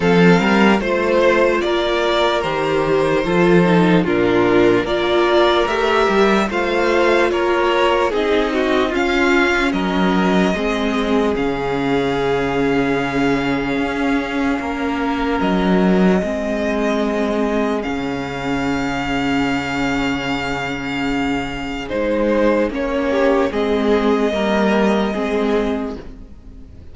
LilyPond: <<
  \new Staff \with { instrumentName = "violin" } { \time 4/4 \tempo 4 = 74 f''4 c''4 d''4 c''4~ | c''4 ais'4 d''4 e''4 | f''4 cis''4 dis''4 f''4 | dis''2 f''2~ |
f''2. dis''4~ | dis''2 f''2~ | f''2. c''4 | cis''4 dis''2. | }
  \new Staff \with { instrumentName = "violin" } { \time 4/4 a'8 ais'8 c''4 ais'2 | a'4 f'4 ais'2 | c''4 ais'4 gis'8 fis'8 f'4 | ais'4 gis'2.~ |
gis'2 ais'2 | gis'1~ | gis'1~ | gis'8 g'8 gis'4 ais'4 gis'4 | }
  \new Staff \with { instrumentName = "viola" } { \time 4/4 c'4 f'2 g'4 | f'8 dis'8 d'4 f'4 g'4 | f'2 dis'4 cis'4~ | cis'4 c'4 cis'2~ |
cis'1 | c'2 cis'2~ | cis'2. dis'4 | cis'4 c'4 ais4 c'4 | }
  \new Staff \with { instrumentName = "cello" } { \time 4/4 f8 g8 a4 ais4 dis4 | f4 ais,4 ais4 a8 g8 | a4 ais4 c'4 cis'4 | fis4 gis4 cis2~ |
cis4 cis'4 ais4 fis4 | gis2 cis2~ | cis2. gis4 | ais4 gis4 g4 gis4 | }
>>